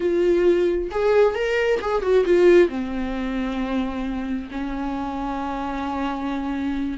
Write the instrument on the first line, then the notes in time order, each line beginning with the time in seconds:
viola
0.00 F4
0.91 G#4
1.35 A#4
1.81 G#4
2.01 F#4
2.25 F4
2.68 C4
4.51 C#4